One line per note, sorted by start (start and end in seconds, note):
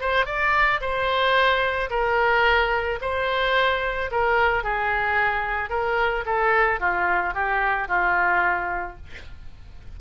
0.00 0.26 C5
0.26 0.80 D5
0.80 1.89 C5
1.90 2.99 A#4
3.01 4.10 C5
4.11 4.63 A#4
4.63 5.70 G#4
5.70 6.24 A#4
6.25 6.80 A4
6.80 7.34 F4
7.34 7.87 G4
7.87 8.97 F4